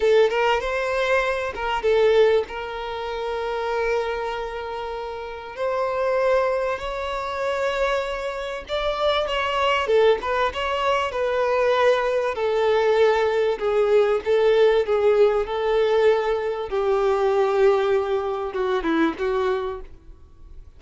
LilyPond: \new Staff \with { instrumentName = "violin" } { \time 4/4 \tempo 4 = 97 a'8 ais'8 c''4. ais'8 a'4 | ais'1~ | ais'4 c''2 cis''4~ | cis''2 d''4 cis''4 |
a'8 b'8 cis''4 b'2 | a'2 gis'4 a'4 | gis'4 a'2 g'4~ | g'2 fis'8 e'8 fis'4 | }